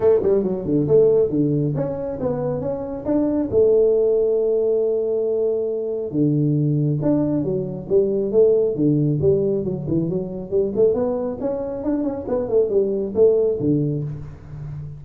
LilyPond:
\new Staff \with { instrumentName = "tuba" } { \time 4/4 \tempo 4 = 137 a8 g8 fis8 d8 a4 d4 | cis'4 b4 cis'4 d'4 | a1~ | a2 d2 |
d'4 fis4 g4 a4 | d4 g4 fis8 e8 fis4 | g8 a8 b4 cis'4 d'8 cis'8 | b8 a8 g4 a4 d4 | }